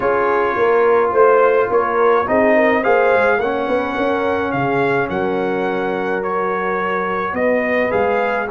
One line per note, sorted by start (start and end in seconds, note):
0.00 0.56 C#4
0.00 2.25 F4
0.00 0.56 G#4
0.00 1.10 C#5
0.56 1.12 A#3
0.56 1.11 A#4
1.11 1.69 A3
1.11 1.68 C5
1.11 1.70 C5
1.70 2.26 A#3
1.70 2.27 A#4
1.70 2.27 C#5
2.26 2.84 C4
2.26 2.82 D#4
2.26 2.56 G#4
2.26 2.83 D#5
2.56 2.80 A#4
2.80 3.14 A#3
2.80 3.39 G#4
2.80 3.37 C5
2.80 3.40 F5
3.14 3.38 G#3
3.38 3.67 A#3
3.38 6.23 C#4
3.38 3.67 C#5
3.38 4.51 F#5
3.67 3.96 B3
3.67 3.95 B4
3.95 4.53 C#4
3.95 4.52 A#4
4.51 5.09 C#3
4.51 5.08 G#4
4.51 5.08 F5
5.08 7.33 F#3
5.08 7.34 A#4
5.08 6.22 F#5
6.22 7.90 F#4
6.22 7.35 C#5
7.33 7.89 B3
7.33 8.47 B4
7.33 7.91 D#5
7.90 8.50 G#3
7.90 8.46 G#4
7.90 8.47 F5